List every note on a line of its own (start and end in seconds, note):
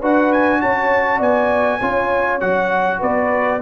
0.00 0.62 D4
0.00 1.81 F#4
0.00 0.60 B4
0.00 0.32 F#5
0.32 0.61 G#5
0.60 1.20 C#4
0.60 1.18 C#5
0.60 1.21 A5
1.18 1.80 B3
1.18 1.78 D5
1.18 2.40 G#5
1.80 2.41 C#4
1.80 2.40 F4
1.80 2.99 C#5
2.40 3.01 F#3
2.40 3.60 F#4
2.40 3.00 F#5
2.99 3.62 B3
2.99 3.59 B4
2.99 3.62 D5